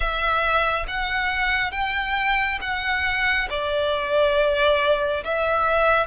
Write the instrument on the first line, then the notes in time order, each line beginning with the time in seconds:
violin
0.00 E5
0.87 F#5
1.72 G5
2.61 F#5
3.49 D5
5.24 E5